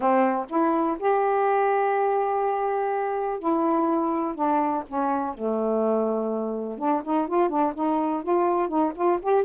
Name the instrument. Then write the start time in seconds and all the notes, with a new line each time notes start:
saxophone
0.00 C4
0.49 E4
0.99 G4
3.39 E4
4.35 D4
4.88 C#4
5.34 A3
6.77 D4
7.04 D#4
7.27 F4
7.49 D4
7.74 D#4
8.22 F4
8.68 D#4
8.95 F4
9.22 G4